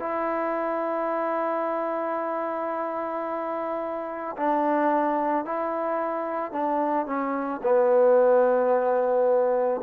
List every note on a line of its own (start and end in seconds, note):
0.00 4.36 E4
4.37 5.45 D4
5.45 6.52 E4
6.52 7.07 D4
7.07 7.61 C#4
7.63 9.81 B3